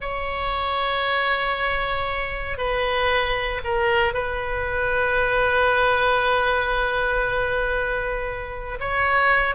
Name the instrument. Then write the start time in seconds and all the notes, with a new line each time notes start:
oboe
0.00 C#5
2.57 B4
3.63 A#4
4.13 B4
8.80 C#5